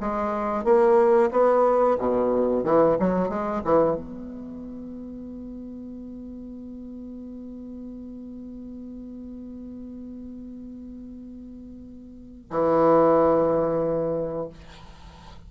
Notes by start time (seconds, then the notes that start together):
0.00 G#3
0.64 A#3
1.31 B3
1.98 B2
2.64 E3
2.99 F#3
3.28 G#3
3.64 E3
3.95 B3
12.50 E3